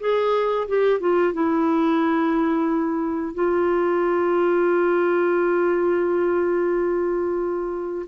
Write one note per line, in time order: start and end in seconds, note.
0.00 0.67 G#4
0.68 1.00 G4
1.00 1.33 F4
1.33 3.35 E4
3.35 8.07 F4